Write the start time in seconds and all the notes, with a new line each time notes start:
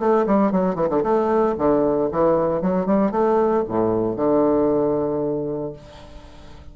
0.00 A3
0.27 G3
0.52 F#3
0.76 E3
0.90 D3
1.04 A3
1.58 D3
2.12 E3
2.62 F#3
2.86 G3
3.12 A3
3.69 A2
4.17 D3